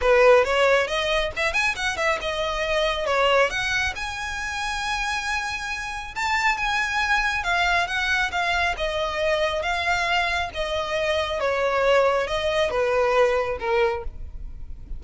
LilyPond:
\new Staff \with { instrumentName = "violin" } { \time 4/4 \tempo 4 = 137 b'4 cis''4 dis''4 e''8 gis''8 | fis''8 e''8 dis''2 cis''4 | fis''4 gis''2.~ | gis''2 a''4 gis''4~ |
gis''4 f''4 fis''4 f''4 | dis''2 f''2 | dis''2 cis''2 | dis''4 b'2 ais'4 | }